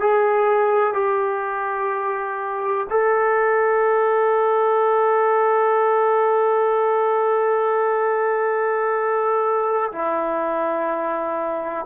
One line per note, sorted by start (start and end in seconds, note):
0.00 0.94 G#4
0.94 2.87 G4
2.90 9.91 A4
9.91 11.85 E4